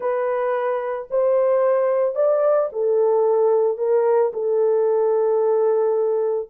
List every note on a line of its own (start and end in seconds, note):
0.00 1.08 B4
1.10 2.15 C5
2.15 2.69 D5
2.72 3.77 A4
3.77 4.31 A#4
4.33 6.49 A4